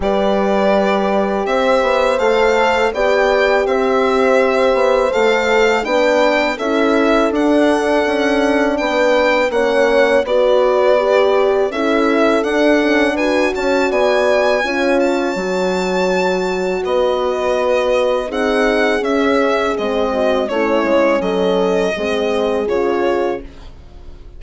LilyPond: <<
  \new Staff \with { instrumentName = "violin" } { \time 4/4 \tempo 4 = 82 d''2 e''4 f''4 | g''4 e''2 f''4 | g''4 e''4 fis''2 | g''4 fis''4 d''2 |
e''4 fis''4 gis''8 a''8 gis''4~ | gis''8 a''2~ a''8 dis''4~ | dis''4 fis''4 e''4 dis''4 | cis''4 dis''2 cis''4 | }
  \new Staff \with { instrumentName = "horn" } { \time 4/4 b'2 c''2 | d''4 c''2. | b'4 a'2. | b'4 cis''4 b'2 |
a'2 b'8 cis''8 d''4 | cis''2. b'4~ | b'4 gis'2~ gis'8 fis'8 | e'4 a'4 gis'2 | }
  \new Staff \with { instrumentName = "horn" } { \time 4/4 g'2. a'4 | g'2. a'4 | d'4 e'4 d'2~ | d'4 cis'4 fis'4 g'4 |
e'4 d'8 cis'8 fis'2 | f'4 fis'2.~ | fis'4 dis'4 cis'4 c'4 | cis'2 c'4 f'4 | }
  \new Staff \with { instrumentName = "bassoon" } { \time 4/4 g2 c'8 b8 a4 | b4 c'4. b8 a4 | b4 cis'4 d'4 cis'4 | b4 ais4 b2 |
cis'4 d'4. cis'8 b4 | cis'4 fis2 b4~ | b4 c'4 cis'4 gis4 | a8 gis8 fis4 gis4 cis4 | }
>>